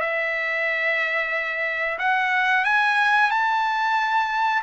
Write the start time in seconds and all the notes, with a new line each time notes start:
0.00 E5
1.98 F#5
2.64 G#5
3.30 A5